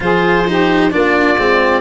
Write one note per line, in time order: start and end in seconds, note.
0.00 0.90 F3
0.00 0.45 F4
0.00 0.48 G#4
0.00 0.92 C5
0.47 0.91 D#4
0.47 0.91 G4
0.91 1.37 A#3
0.91 1.36 D4
0.91 1.80 F4
0.91 1.80 D5
1.37 1.80 G#3
1.37 1.80 C4